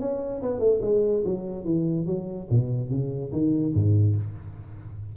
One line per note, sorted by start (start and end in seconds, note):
0.00 0.42 C#4
0.42 0.59 B3
0.59 0.80 A3
0.82 1.23 G#3
1.25 1.65 F#3
1.65 2.06 E3
2.06 2.48 F#3
2.50 2.90 B2
2.90 3.31 C#3
3.32 3.73 D#3
3.74 4.16 G#2